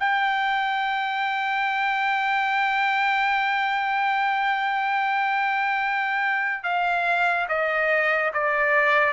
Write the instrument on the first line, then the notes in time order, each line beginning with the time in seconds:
trumpet
0.00 G5
6.64 F5
7.49 D#5
8.33 D5